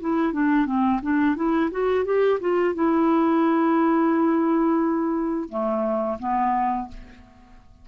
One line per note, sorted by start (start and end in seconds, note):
0.00 0.33 E4
0.33 0.66 D4
0.66 1.00 C4
1.02 1.36 D4
1.36 1.70 E4
1.71 2.05 F#4
2.05 2.39 G4
2.40 2.74 F4
2.75 5.49 E4
5.49 6.18 A3
6.19 6.88 B3